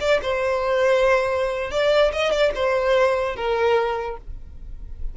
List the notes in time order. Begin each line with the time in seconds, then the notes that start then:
0.00 D5
0.22 C5
1.71 D5
2.12 D#5
2.31 D5
2.55 C5
3.36 A#4